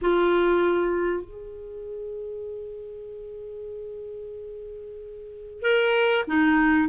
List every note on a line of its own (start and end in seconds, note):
0.01 1.24 F4
1.24 5.62 G#4
5.62 6.24 A#4
6.27 6.88 D#4